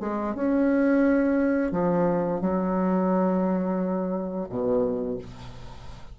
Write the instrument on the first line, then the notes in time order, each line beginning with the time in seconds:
bassoon
0.00 G#3
0.34 C#4
1.72 F3
2.41 F#3
4.49 B2